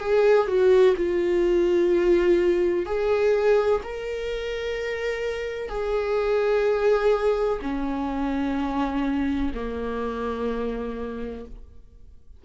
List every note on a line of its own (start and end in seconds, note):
0.00 0.48 G#4
0.48 0.95 F#4
0.97 2.86 F4
2.86 3.81 G#4
3.84 5.69 A#4
5.69 7.60 G#4
7.62 9.52 C#4
9.55 11.45 A#3